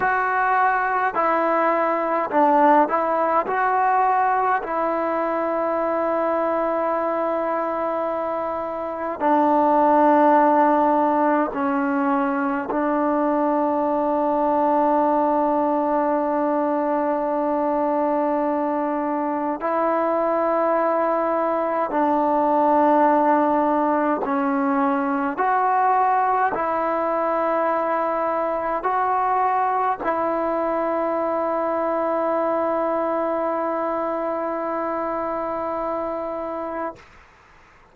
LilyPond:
\new Staff \with { instrumentName = "trombone" } { \time 4/4 \tempo 4 = 52 fis'4 e'4 d'8 e'8 fis'4 | e'1 | d'2 cis'4 d'4~ | d'1~ |
d'4 e'2 d'4~ | d'4 cis'4 fis'4 e'4~ | e'4 fis'4 e'2~ | e'1 | }